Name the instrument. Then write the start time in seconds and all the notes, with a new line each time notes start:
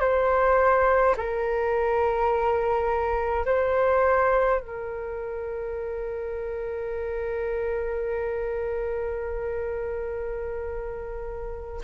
flute
0.00 C5
1.17 A#4
3.46 C5
4.60 A#4